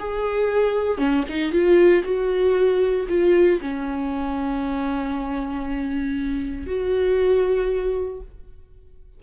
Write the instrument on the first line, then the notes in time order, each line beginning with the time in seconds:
viola
0.00 G#4
0.98 C#4
1.29 D#4
1.52 F4
2.04 F#4
3.09 F4
3.61 C#4
6.67 F#4